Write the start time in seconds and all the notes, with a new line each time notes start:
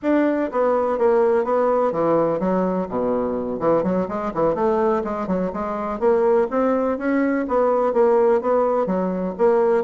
0.02 D4
0.51 B3
0.98 A#3
1.44 B3
1.92 E3
2.39 F#3
2.88 B2
3.59 E3
3.83 F#3
4.08 G#3
4.34 E3
4.54 A3
5.04 G#3
5.27 F#3
5.53 G#3
5.99 A#3
6.50 C4
6.98 C#4
7.47 B3
7.93 A#3
8.41 B3
8.86 F#3
9.38 A#3